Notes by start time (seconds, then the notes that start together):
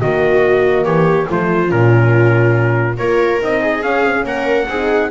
0.00 D#3 A#3 F#4 D#5
0.84 E3 G4 C#5
1.28 F3 A3 F4 C5
1.67 A#2 C#4 A#4
2.97 A#3 F4 A#4 C#5
3.39 C4 D#4 D#5
3.61 G#4
3.82 C#4 F5
4.05 C4
4.13 C#4
4.24 A#3 A#4 F#5
4.68 C4 D#4 G#4